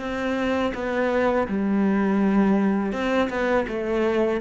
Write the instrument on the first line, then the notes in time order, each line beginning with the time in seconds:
cello
0.00 C4
0.75 B3
1.48 G3
2.93 C4
3.30 B3
3.68 A3